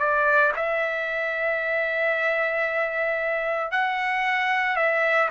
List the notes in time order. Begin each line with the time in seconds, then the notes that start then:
0.00 D5
0.56 E5
3.72 F#5
4.77 E5